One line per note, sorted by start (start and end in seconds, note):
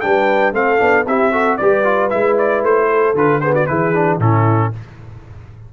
0.00 0.53 G3
0.00 0.52 D4
0.00 0.54 B4
0.00 0.52 G5
0.52 0.79 A3
0.52 0.78 C4
0.52 1.06 A4
0.52 1.06 F5
0.78 1.07 B3
0.78 1.04 D4
1.06 1.59 C4
1.06 1.32 E4
1.06 1.31 G4
1.06 1.57 E5
1.31 1.58 F#4
1.31 1.57 A4
1.57 2.12 G3
1.57 1.84 G4
1.57 2.89 B4
1.57 2.09 D5
1.84 2.10 F4
2.10 2.62 G#3
2.10 3.15 E4
2.10 2.36 E5
2.37 2.64 D5
2.62 3.14 A3
2.62 3.16 C5
2.90 3.42 A4
3.14 3.66 D3
3.14 3.41 F4
3.14 3.40 B4
3.40 3.67 B3
3.40 3.53 G#4
3.40 3.53 C5
3.53 3.66 F#4
3.53 3.66 D5
3.66 4.18 E3
3.66 3.93 E4
3.66 4.19 G#4
3.66 4.18 B4
3.94 4.20 D4
4.18 4.71 A2
4.18 4.72 C#4
4.18 4.72 E4
4.18 4.73 A4